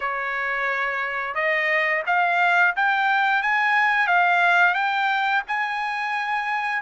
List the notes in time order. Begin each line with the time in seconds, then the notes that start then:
0.00 C#5
1.35 D#5
2.06 F5
2.76 G5
3.42 G#5
4.07 F5
4.74 G5
5.47 G#5